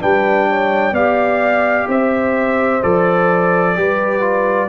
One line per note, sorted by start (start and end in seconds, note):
0.00 0.92 G3
0.00 0.94 D4
0.00 0.48 B4
0.00 0.94 G5
0.50 0.93 C#5
0.92 1.86 B3
0.92 2.81 G4
0.92 1.87 D5
0.92 1.88 F5
1.88 2.82 C4
1.88 3.76 C5
1.88 2.83 E5
2.83 3.78 F3
2.83 3.76 A4
2.83 4.69 D5
3.76 4.69 G3
3.76 4.21 G4
3.76 4.69 B4
4.21 4.68 F4